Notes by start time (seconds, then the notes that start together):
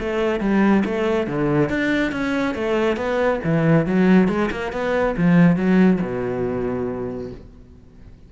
0.00 A3
0.40 G3
0.85 A3
1.27 D3
1.69 D4
2.12 C#4
2.55 A3
2.96 B3
3.44 E3
3.86 F#3
4.28 G#3
4.51 A#3
4.72 B3
5.17 F3
5.56 F#3
6.01 B2